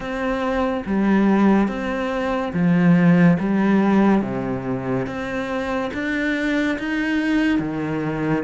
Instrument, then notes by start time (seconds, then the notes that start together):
cello
0.00 C4
0.86 G3
1.67 C4
2.53 F3
3.39 G3
4.21 C3
5.06 C4
5.93 D4
6.78 D#4
7.59 D#3